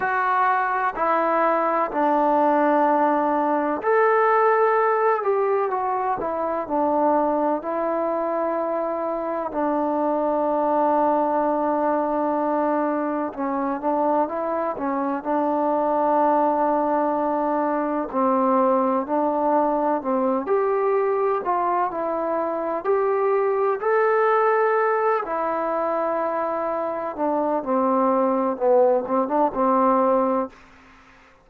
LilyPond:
\new Staff \with { instrumentName = "trombone" } { \time 4/4 \tempo 4 = 63 fis'4 e'4 d'2 | a'4. g'8 fis'8 e'8 d'4 | e'2 d'2~ | d'2 cis'8 d'8 e'8 cis'8 |
d'2. c'4 | d'4 c'8 g'4 f'8 e'4 | g'4 a'4. e'4.~ | e'8 d'8 c'4 b8 c'16 d'16 c'4 | }